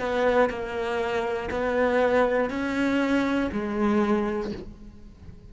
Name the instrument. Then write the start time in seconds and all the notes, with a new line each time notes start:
cello
0.00 B3
0.50 A#3
1.51 B3
2.50 C#4
3.53 G#3